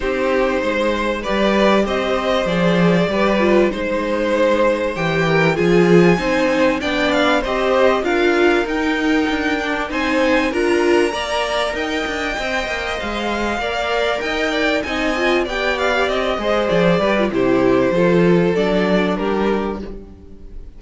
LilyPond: <<
  \new Staff \with { instrumentName = "violin" } { \time 4/4 \tempo 4 = 97 c''2 d''4 dis''4 | d''2 c''2 | g''4 gis''2 g''8 f''8 | dis''4 f''4 g''2 |
gis''4 ais''2 g''4~ | g''4 f''2 g''4 | gis''4 g''8 f''8 dis''4 d''4 | c''2 d''4 ais'4 | }
  \new Staff \with { instrumentName = "violin" } { \time 4/4 g'4 c''4 b'4 c''4~ | c''4 b'4 c''2~ | c''8 ais'8 gis'4 c''4 d''4 | c''4 ais'2. |
c''4 ais'4 d''4 dis''4~ | dis''2 d''4 dis''8 d''8 | dis''4 d''4. c''4 b'8 | g'4 a'2 g'4 | }
  \new Staff \with { instrumentName = "viola" } { \time 4/4 dis'2 g'2 | gis'4 g'8 f'8 dis'2 | g'4 f'4 dis'4 d'4 | g'4 f'4 dis'4. d'8 |
dis'4 f'4 ais'2 | c''2 ais'2 | dis'8 f'8 g'4. gis'4 g'16 f'16 | e'4 f'4 d'2 | }
  \new Staff \with { instrumentName = "cello" } { \time 4/4 c'4 gis4 g4 c'4 | f4 g4 gis2 | e4 f4 c'4 b4 | c'4 d'4 dis'4 d'4 |
c'4 d'4 ais4 dis'8 d'8 | c'8 ais8 gis4 ais4 dis'4 | c'4 b4 c'8 gis8 f8 g8 | c4 f4 fis4 g4 | }
>>